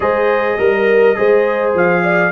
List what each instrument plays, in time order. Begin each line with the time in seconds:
0.00 tuba G#3, trombone G#4, horn C5, trumpet D#5
0.58 tuba G3, trombone A#4, horn A#4
1.15 tuba G#3, trombone G#4, horn C5
1.74 tuba F3, trumpet F5
2.03 horn D5